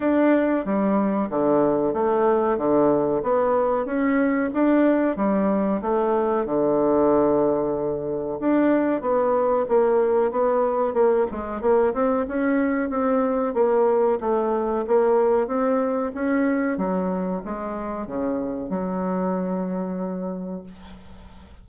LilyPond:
\new Staff \with { instrumentName = "bassoon" } { \time 4/4 \tempo 4 = 93 d'4 g4 d4 a4 | d4 b4 cis'4 d'4 | g4 a4 d2~ | d4 d'4 b4 ais4 |
b4 ais8 gis8 ais8 c'8 cis'4 | c'4 ais4 a4 ais4 | c'4 cis'4 fis4 gis4 | cis4 fis2. | }